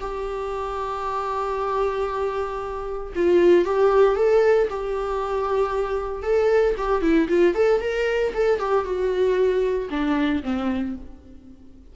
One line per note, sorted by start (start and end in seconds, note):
0.00 3.13 G4
3.15 3.65 F4
3.65 4.16 G4
4.16 4.68 A4
4.70 6.23 G4
6.23 6.75 A4
6.78 7.02 G4
7.02 7.28 E4
7.29 7.55 F4
7.55 7.81 A4
7.81 8.33 A#4
8.34 8.59 A4
8.59 8.84 G4
8.84 9.89 F#4
9.90 10.43 D4
10.43 10.95 C4